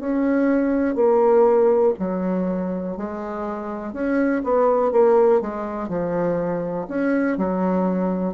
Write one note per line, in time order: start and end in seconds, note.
0.00 0.95 C#4
0.95 1.94 A#3
1.99 2.97 F#3
2.97 3.93 G#3
3.93 4.42 C#4
4.44 4.92 B3
4.92 5.41 A#3
5.41 5.89 G#3
5.89 6.87 F3
6.89 7.37 C#4
7.37 8.34 F#3